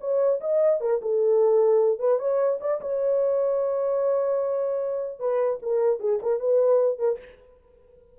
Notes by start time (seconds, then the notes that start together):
0.00 C#5
0.41 D#5
0.80 A#4
1.02 A4
1.99 B4
2.19 C#5
2.61 D5
2.81 C#5
5.19 B4
5.62 A#4
6.00 G#4
6.22 A#4
6.40 B4
6.99 A#4